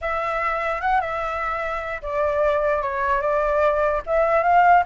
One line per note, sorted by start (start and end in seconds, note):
0.01 0.81 E5
0.81 1.00 F#5
1.00 2.01 E5
2.02 2.82 D5
2.82 3.21 C#5
3.21 4.01 D5
4.06 4.43 E5
4.43 4.83 F5